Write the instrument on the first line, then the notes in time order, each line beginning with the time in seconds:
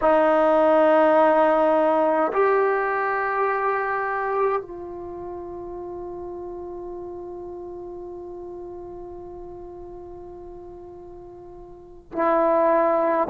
trombone
0.01 D#4
2.32 G4
4.61 F4
12.12 E4